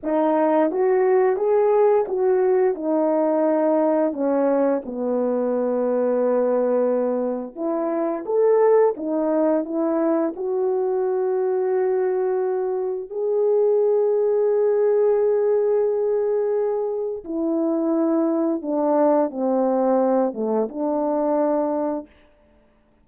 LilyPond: \new Staff \with { instrumentName = "horn" } { \time 4/4 \tempo 4 = 87 dis'4 fis'4 gis'4 fis'4 | dis'2 cis'4 b4~ | b2. e'4 | a'4 dis'4 e'4 fis'4~ |
fis'2. gis'4~ | gis'1~ | gis'4 e'2 d'4 | c'4. a8 d'2 | }